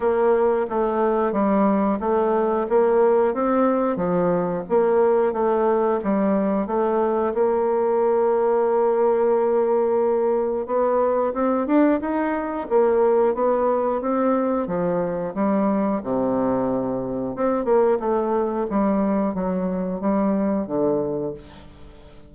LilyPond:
\new Staff \with { instrumentName = "bassoon" } { \time 4/4 \tempo 4 = 90 ais4 a4 g4 a4 | ais4 c'4 f4 ais4 | a4 g4 a4 ais4~ | ais1 |
b4 c'8 d'8 dis'4 ais4 | b4 c'4 f4 g4 | c2 c'8 ais8 a4 | g4 fis4 g4 d4 | }